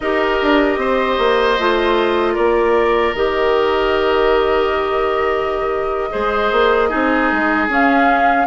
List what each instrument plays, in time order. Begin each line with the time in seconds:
0.00 bassoon D#4, clarinet G4, oboe A#4, flute D#5
0.42 bassoon D4
0.77 bassoon C4, oboe C5
1.18 bassoon A#3
1.59 bassoon A3, clarinet F4
2.33 bassoon A#3, oboe A#4, flute D5
3.14 bassoon D#3, clarinet G4, flute D#5
6.11 bassoon G#3, clarinet G#4, oboe C5
6.51 bassoon A#3
6.89 bassoon C4, clarinet D#4, oboe G#4
7.31 bassoon G#3
7.68 bassoon C#4, clarinet C#4, flute F5